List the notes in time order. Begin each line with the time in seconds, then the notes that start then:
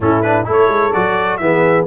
0.00 A2 C#4 E4 A4
0.22 D4 B4
0.45 A3 E4 A4
0.51 C#5
0.67 G#3
0.93 F#3 F#4 D5
1.37 E3 B3 G#4 E5